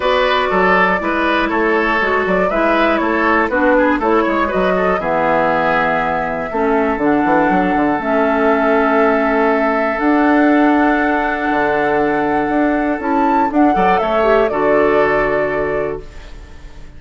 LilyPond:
<<
  \new Staff \with { instrumentName = "flute" } { \time 4/4 \tempo 4 = 120 d''2. cis''4~ | cis''8 d''8 e''4 cis''4 b'4 | cis''4 dis''4 e''2~ | e''2 fis''2 |
e''1 | fis''1~ | fis''2 a''4 fis''4 | e''4 d''2. | }
  \new Staff \with { instrumentName = "oboe" } { \time 4/4 b'4 a'4 b'4 a'4~ | a'4 b'4 a'4 fis'8 gis'8 | a'8 cis''8 b'8 a'8 gis'2~ | gis'4 a'2.~ |
a'1~ | a'1~ | a'2.~ a'8 d''8 | cis''4 a'2. | }
  \new Staff \with { instrumentName = "clarinet" } { \time 4/4 fis'2 e'2 | fis'4 e'2 d'4 | e'4 fis'4 b2~ | b4 cis'4 d'2 |
cis'1 | d'1~ | d'2 e'4 d'8 a'8~ | a'8 g'8 fis'2. | }
  \new Staff \with { instrumentName = "bassoon" } { \time 4/4 b4 fis4 gis4 a4 | gis8 fis8 gis4 a4 b4 | a8 gis8 fis4 e2~ | e4 a4 d8 e8 fis8 d8 |
a1 | d'2. d4~ | d4 d'4 cis'4 d'8 fis8 | a4 d2. | }
>>